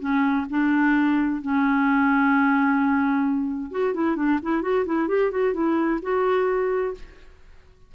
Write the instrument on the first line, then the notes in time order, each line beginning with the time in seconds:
clarinet
0.00 C#4
0.50 D4
1.42 C#4
3.72 F#4
3.94 E4
4.16 D4
4.42 E4
4.62 F#4
4.86 E4
5.08 G4
5.31 F#4
5.54 E4
6.02 F#4